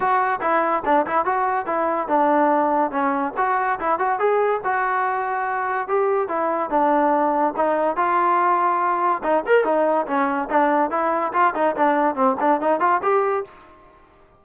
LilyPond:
\new Staff \with { instrumentName = "trombone" } { \time 4/4 \tempo 4 = 143 fis'4 e'4 d'8 e'8 fis'4 | e'4 d'2 cis'4 | fis'4 e'8 fis'8 gis'4 fis'4~ | fis'2 g'4 e'4 |
d'2 dis'4 f'4~ | f'2 dis'8 ais'8 dis'4 | cis'4 d'4 e'4 f'8 dis'8 | d'4 c'8 d'8 dis'8 f'8 g'4 | }